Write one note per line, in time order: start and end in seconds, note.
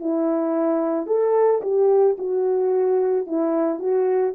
0.00 1.07 E4
1.07 1.62 A4
1.62 2.17 G4
2.18 3.27 F#4
3.27 3.80 E4
3.80 4.34 F#4